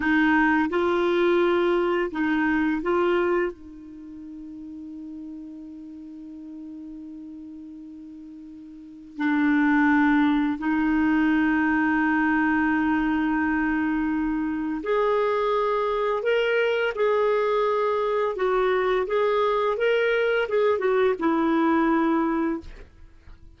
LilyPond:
\new Staff \with { instrumentName = "clarinet" } { \time 4/4 \tempo 4 = 85 dis'4 f'2 dis'4 | f'4 dis'2.~ | dis'1~ | dis'4 d'2 dis'4~ |
dis'1~ | dis'4 gis'2 ais'4 | gis'2 fis'4 gis'4 | ais'4 gis'8 fis'8 e'2 | }